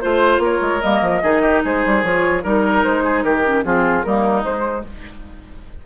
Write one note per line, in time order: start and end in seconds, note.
0.00 0.38 A3
0.00 0.81 F4
0.00 0.40 C5
0.00 0.42 C5
0.38 0.58 A#3
0.38 1.22 A#4
0.38 0.81 C#5
0.61 0.81 G#3
0.81 1.01 G3
0.81 1.21 A#3
0.81 1.62 D#5
1.01 1.21 F3
1.22 1.63 D#3
1.22 2.03 D#4
1.22 1.42 G#4
1.42 1.62 G4
1.64 1.85 G#3
1.64 2.43 G#4
1.64 2.03 C5
1.85 2.03 G3
2.03 2.43 F3
2.03 2.43 F4
2.03 2.43 C#5
2.43 2.84 G3
2.43 3.44 D#4
2.43 3.03 A#4
2.43 2.84 A#4
2.84 3.24 G#3
2.84 3.22 C5
3.04 3.24 G#4
3.22 3.64 D#3
3.22 3.64 G4
3.22 3.63 A#4
3.44 3.63 C#4
3.63 4.04 F3
3.63 4.03 C4
3.63 4.05 F4
3.63 4.03 G#4
4.03 4.44 G3
4.03 4.43 A#3
4.03 4.86 D#4
4.03 4.43 A#4
4.43 4.83 G#3
4.43 4.84 G#3
4.43 4.84 C5